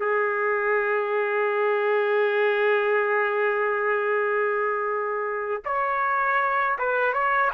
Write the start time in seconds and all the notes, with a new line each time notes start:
0.00 G#4
5.66 C#5
6.79 B4
7.14 C#5